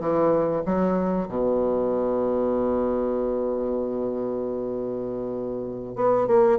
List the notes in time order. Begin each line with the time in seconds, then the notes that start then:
0.00 E3
0.65 F#3
1.28 B2
5.96 B3
6.27 A#3